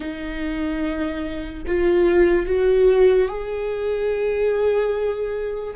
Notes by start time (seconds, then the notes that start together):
0.00 D#4
1.66 F4
2.46 F#4
3.28 G#4